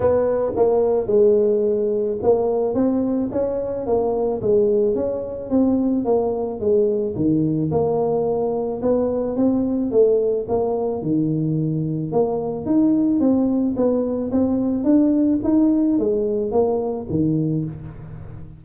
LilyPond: \new Staff \with { instrumentName = "tuba" } { \time 4/4 \tempo 4 = 109 b4 ais4 gis2 | ais4 c'4 cis'4 ais4 | gis4 cis'4 c'4 ais4 | gis4 dis4 ais2 |
b4 c'4 a4 ais4 | dis2 ais4 dis'4 | c'4 b4 c'4 d'4 | dis'4 gis4 ais4 dis4 | }